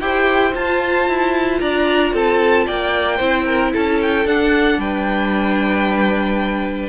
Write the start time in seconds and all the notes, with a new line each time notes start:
0.00 E4 G4 C5 G5
0.52 F4 A5
1.08 E4
1.60 D4 D5 A#5
2.13 C4 A4 A5
2.66 A#3 D5 G5
3.16 C4 E4 C5
3.45 A#4
3.72 C#4 A4 A5
4.01 G5
4.25 D4 F#5
4.77 G3 B4 G5